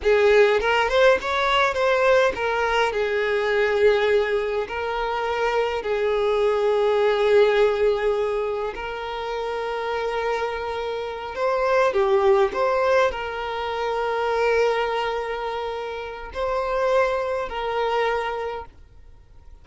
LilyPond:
\new Staff \with { instrumentName = "violin" } { \time 4/4 \tempo 4 = 103 gis'4 ais'8 c''8 cis''4 c''4 | ais'4 gis'2. | ais'2 gis'2~ | gis'2. ais'4~ |
ais'2.~ ais'8 c''8~ | c''8 g'4 c''4 ais'4.~ | ais'1 | c''2 ais'2 | }